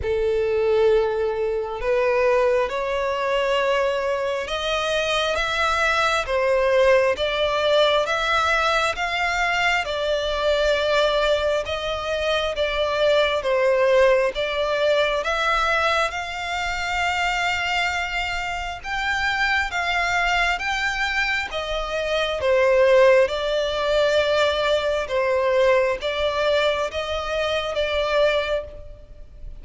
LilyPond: \new Staff \with { instrumentName = "violin" } { \time 4/4 \tempo 4 = 67 a'2 b'4 cis''4~ | cis''4 dis''4 e''4 c''4 | d''4 e''4 f''4 d''4~ | d''4 dis''4 d''4 c''4 |
d''4 e''4 f''2~ | f''4 g''4 f''4 g''4 | dis''4 c''4 d''2 | c''4 d''4 dis''4 d''4 | }